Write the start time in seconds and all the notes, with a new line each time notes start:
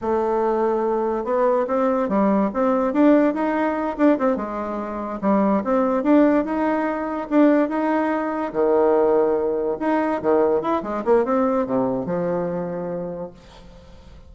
0.01 A3
1.24 B3
1.67 C4
2.08 G3
2.53 C4
2.93 D4
3.34 D#4
3.97 D4
4.18 C4
4.36 G#3
5.21 G3
5.64 C4
6.03 D4
6.44 D#4
7.30 D4
7.69 D#4
8.52 D#3
9.79 D#4
10.21 D#3
10.61 E4
10.83 G#3
11.04 A#3
11.24 C4
11.66 C3
12.05 F3